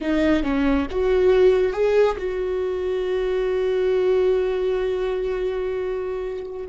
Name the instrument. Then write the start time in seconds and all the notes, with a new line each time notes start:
viola
0.01 D#4
0.43 C#4
0.90 F#4
1.72 G#4
2.17 F#4